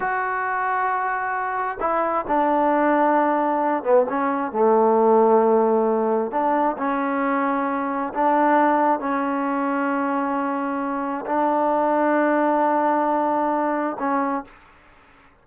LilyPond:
\new Staff \with { instrumentName = "trombone" } { \time 4/4 \tempo 4 = 133 fis'1 | e'4 d'2.~ | d'8 b8 cis'4 a2~ | a2 d'4 cis'4~ |
cis'2 d'2 | cis'1~ | cis'4 d'2.~ | d'2. cis'4 | }